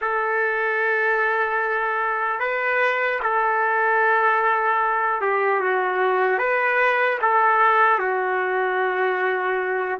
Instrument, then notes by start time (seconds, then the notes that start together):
trumpet
0.01 A4
2.39 B4
3.22 A4
5.21 G4
5.60 F#4
6.38 B4
7.21 A4
7.99 F#4